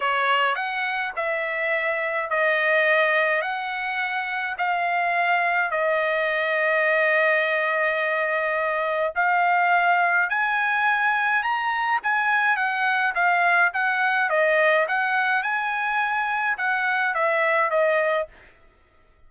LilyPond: \new Staff \with { instrumentName = "trumpet" } { \time 4/4 \tempo 4 = 105 cis''4 fis''4 e''2 | dis''2 fis''2 | f''2 dis''2~ | dis''1 |
f''2 gis''2 | ais''4 gis''4 fis''4 f''4 | fis''4 dis''4 fis''4 gis''4~ | gis''4 fis''4 e''4 dis''4 | }